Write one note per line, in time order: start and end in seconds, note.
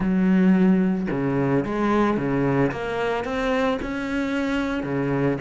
0.00 1.07 F#3
1.11 1.65 C#3
1.65 2.17 G#3
2.17 2.71 C#3
2.71 3.24 A#3
3.24 3.78 C4
3.82 4.83 C#4
4.83 5.37 C#3